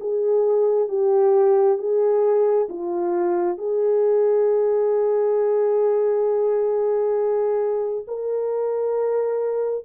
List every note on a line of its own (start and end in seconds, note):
0.00 0.89 G#4
0.89 1.78 G4
1.78 2.68 G#4
2.69 3.57 F4
3.57 8.05 G#4
8.07 9.85 A#4